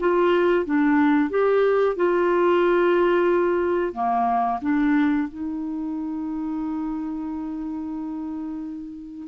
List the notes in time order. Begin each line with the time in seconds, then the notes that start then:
0.00 F4
0.66 D4
1.30 G4
1.96 F4
3.93 A#3
4.62 D4
5.28 D#4